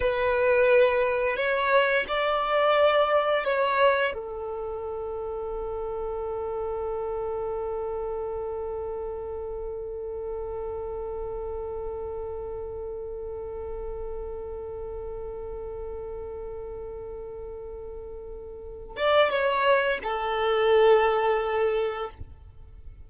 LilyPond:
\new Staff \with { instrumentName = "violin" } { \time 4/4 \tempo 4 = 87 b'2 cis''4 d''4~ | d''4 cis''4 a'2~ | a'1~ | a'1~ |
a'1~ | a'1~ | a'2.~ a'8 d''8 | cis''4 a'2. | }